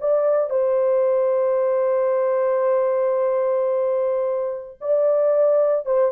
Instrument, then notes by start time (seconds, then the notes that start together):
horn
0.00 D5
0.50 C5
4.81 D5
5.85 C5